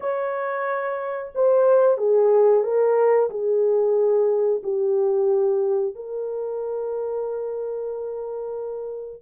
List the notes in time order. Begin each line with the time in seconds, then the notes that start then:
0.00 C#5
1.34 C5
1.98 G#4
2.63 A#4
3.30 G#4
4.63 G4
5.95 A#4